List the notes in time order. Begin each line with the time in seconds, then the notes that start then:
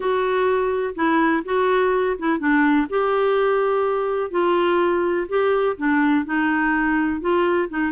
0.00 F#4
0.95 E4
1.44 F#4
2.18 E4
2.39 D4
2.89 G4
4.31 F4
5.28 G4
5.77 D4
6.25 D#4
7.20 F4
7.69 D#4